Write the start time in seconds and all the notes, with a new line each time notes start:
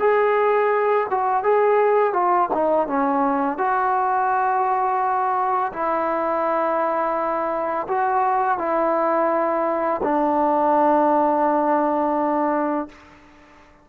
0.00 G#4
1.10 F#4
1.44 G#4
2.13 F4
2.54 D#4
2.87 C#4
3.58 F#4
5.73 E4
7.88 F#4
8.58 E4
10.03 D4